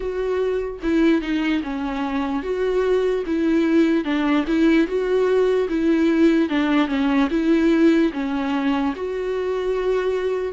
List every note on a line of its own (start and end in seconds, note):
0.00 0.80 F#4
0.83 1.21 E4
1.21 1.62 D#4
1.63 2.43 C#4
2.43 3.24 F#4
3.26 4.04 E4
4.04 4.44 D4
4.47 4.86 E4
4.86 5.68 F#4
5.69 6.49 E4
6.49 6.87 D4
6.87 7.28 C#4
7.30 8.11 E4
8.13 8.94 C#4
8.95 10.52 F#4